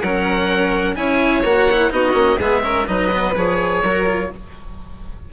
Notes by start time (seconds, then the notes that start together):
0.00 F#3 C#4 A#4 F#5
0.96 C#4 E4 C#5 G#5
1.44 A#3 F#4 F#5
1.71 E4
1.90 B3 D#4 F#4 D#5
2.13 A#3 C#4
2.39 G#3 B3 G#4 E5
2.64 C#4 A#4
2.87 F#3 D#4 B4 D#5
3.12 B3
3.36 F3 G#4 C#5
3.83 F#3 F#4 A#4
4.06 F4